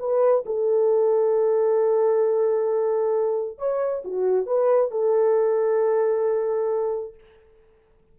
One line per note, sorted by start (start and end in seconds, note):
0.00 0.45 B4
0.46 3.58 A4
3.58 4.03 C#5
4.05 4.47 F#4
4.47 4.91 B4
4.91 7.15 A4